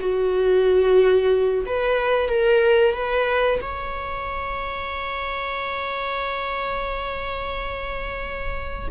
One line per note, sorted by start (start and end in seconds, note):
0.00 1.65 F#4
1.66 2.29 B4
2.29 2.94 A#4
2.94 3.60 B4
3.61 8.89 C#5